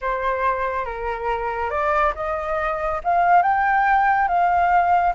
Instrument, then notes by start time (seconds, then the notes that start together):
flute
0.01 C5
0.85 A#4
1.70 D5
2.15 D#5
3.04 F5
3.42 G5
4.27 F5